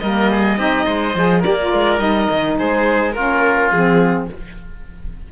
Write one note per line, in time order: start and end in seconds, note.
0.00 0.58 G3
0.00 0.58 A#3
0.00 0.31 A#4
0.00 1.43 D#5
0.31 0.59 G#4
0.58 0.86 C4
0.58 1.15 D#4
0.58 0.86 G4
0.86 1.16 G#3
0.86 1.40 C5
1.16 1.44 F3
1.16 1.43 G#4
1.40 1.57 G4
1.40 2.54 A#4
1.40 2.00 D5
1.47 1.73 A#3
1.59 1.99 F4
1.73 1.99 G#3
1.99 2.28 G3
1.99 3.13 D#4
1.99 2.57 D#5
2.31 2.60 D#3
2.58 3.16 G#3
2.58 3.15 G#4
2.58 3.13 C5
3.13 3.72 A#3
3.13 3.74 C#4
3.13 4.30 F4
3.13 3.70 A#4
3.71 4.29 F3
3.71 4.32 C4
3.71 4.28 G#4